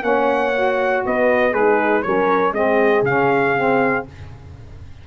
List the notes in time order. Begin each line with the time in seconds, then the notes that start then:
0.00 A#3 C#4 C#5 F#5
0.55 F#4
1.05 B3 B4 D#5
1.50 G#3 G#4 B4
1.57 D#4
2.02 F#3 C#4 A#4 C#5
2.51 G#3 C4 G#4 D#5
3.01 C#3 C#4 F5
3.56 C4